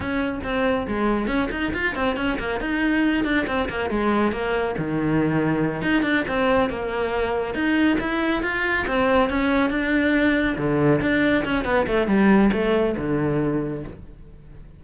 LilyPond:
\new Staff \with { instrumentName = "cello" } { \time 4/4 \tempo 4 = 139 cis'4 c'4 gis4 cis'8 dis'8 | f'8 c'8 cis'8 ais8 dis'4. d'8 | c'8 ais8 gis4 ais4 dis4~ | dis4. dis'8 d'8 c'4 ais8~ |
ais4. dis'4 e'4 f'8~ | f'8 c'4 cis'4 d'4.~ | d'8 d4 d'4 cis'8 b8 a8 | g4 a4 d2 | }